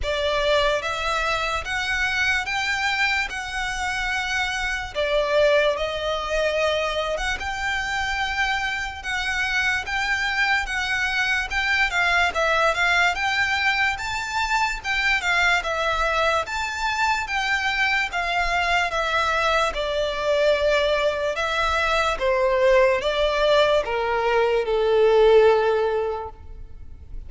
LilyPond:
\new Staff \with { instrumentName = "violin" } { \time 4/4 \tempo 4 = 73 d''4 e''4 fis''4 g''4 | fis''2 d''4 dis''4~ | dis''8. fis''16 g''2 fis''4 | g''4 fis''4 g''8 f''8 e''8 f''8 |
g''4 a''4 g''8 f''8 e''4 | a''4 g''4 f''4 e''4 | d''2 e''4 c''4 | d''4 ais'4 a'2 | }